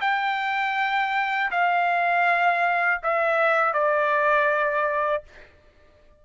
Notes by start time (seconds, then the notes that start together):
0.00 G5
1.50 F5
3.02 E5
3.73 D5